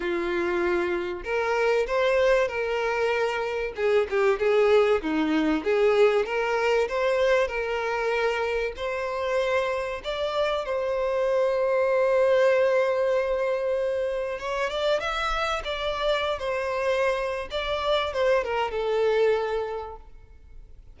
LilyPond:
\new Staff \with { instrumentName = "violin" } { \time 4/4 \tempo 4 = 96 f'2 ais'4 c''4 | ais'2 gis'8 g'8 gis'4 | dis'4 gis'4 ais'4 c''4 | ais'2 c''2 |
d''4 c''2.~ | c''2. cis''8 d''8 | e''4 d''4~ d''16 c''4.~ c''16 | d''4 c''8 ais'8 a'2 | }